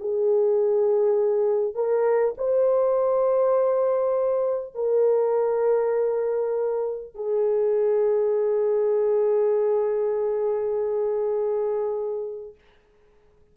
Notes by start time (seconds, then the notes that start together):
0.00 G#4
1.75 A#4
2.38 C5
4.75 A#4
7.15 G#4